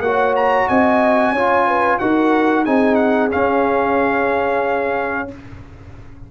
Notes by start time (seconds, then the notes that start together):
0.00 A#3 F#4 C#5 F#5
0.36 A#5
0.69 C4 D#5 G#5
1.33 C#4 F4 C#5
1.67 B4
1.99 D#4 F#4 A#4 F#5
2.65 C4 D#4 G#4 G#5
2.95 F#5
3.31 C#4 F5